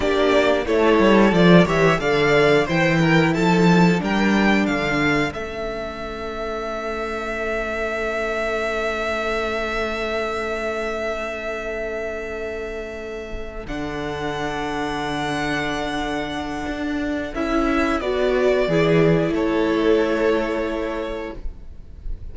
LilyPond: <<
  \new Staff \with { instrumentName = "violin" } { \time 4/4 \tempo 4 = 90 d''4 cis''4 d''8 e''8 f''4 | g''4 a''4 g''4 f''4 | e''1~ | e''1~ |
e''1~ | e''8 fis''2.~ fis''8~ | fis''2 e''4 d''4~ | d''4 cis''2. | }
  \new Staff \with { instrumentName = "violin" } { \time 4/4 g'4 a'4. cis''8 d''4 | c''8 ais'8 a'4 ais'4 a'4~ | a'1~ | a'1~ |
a'1~ | a'1~ | a'1 | gis'4 a'2. | }
  \new Staff \with { instrumentName = "viola" } { \time 4/4 d'4 e'4 f'8 g'8 a'4 | e'2 d'2 | cis'1~ | cis'1~ |
cis'1~ | cis'8 d'2.~ d'8~ | d'2 e'4 fis'4 | e'1 | }
  \new Staff \with { instrumentName = "cello" } { \time 4/4 ais4 a8 g8 f8 e8 d4 | e4 f4 g4 d4 | a1~ | a1~ |
a1~ | a8 d2.~ d8~ | d4 d'4 cis'4 b4 | e4 a2. | }
>>